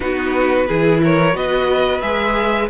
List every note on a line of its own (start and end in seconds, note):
0.00 0.69 B3
0.00 0.67 D#4
0.00 0.67 F#4
0.00 1.01 B4
0.67 1.34 E3
0.67 1.32 E4
0.67 1.01 G#4
1.03 1.35 A#4
1.03 1.36 C#5
1.32 2.01 B3
1.32 1.99 F#4
1.32 2.69 B4
1.32 2.01 D#5
2.01 2.69 G#3
2.01 2.69 G#4
2.01 2.68 E5